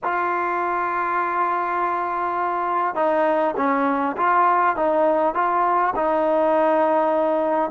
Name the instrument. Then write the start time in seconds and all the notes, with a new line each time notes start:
trombone
0.03 F4
2.95 D#4
3.56 C#4
4.16 F4
4.76 D#4
5.34 F4
5.95 D#4